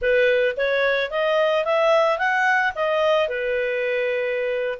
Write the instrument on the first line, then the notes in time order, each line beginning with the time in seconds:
clarinet
0.01 B4
0.56 C#5
1.10 D#5
1.65 E5
2.18 F#5
2.75 D#5
3.28 B4